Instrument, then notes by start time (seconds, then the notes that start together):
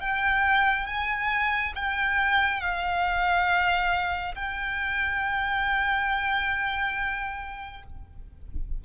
violin
0.00 G5
0.86 G#5
1.75 G5
2.60 F5
4.35 G5